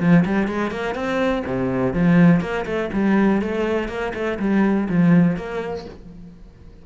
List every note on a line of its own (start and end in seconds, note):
0.00 0.24 F3
0.25 0.48 G3
0.48 0.71 G#3
0.71 0.95 A#3
0.95 1.43 C4
1.46 1.94 C3
1.94 2.41 F3
2.41 2.65 A#3
2.66 2.90 A3
2.93 3.41 G3
3.42 3.88 A3
3.88 4.13 A#3
4.14 4.38 A3
4.39 4.88 G3
4.89 5.37 F3
5.37 5.85 A#3